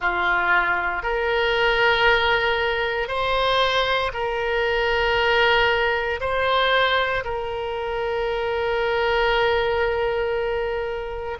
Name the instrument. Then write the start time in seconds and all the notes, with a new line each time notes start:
oboe
0.00 F4
1.03 A#4
3.08 C5
4.13 A#4
6.20 C5
7.24 A#4